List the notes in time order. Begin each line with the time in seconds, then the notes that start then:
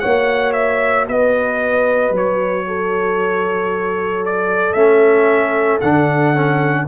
0.00 A#3 F#4 C#5 F#5
0.53 E5
1.08 B3 B4 D#5
2.11 F#3
2.17 C#5
2.68 A4
4.26 D5
4.73 A3 C#4 E5
5.81 D3 D4 F#5
6.35 C#4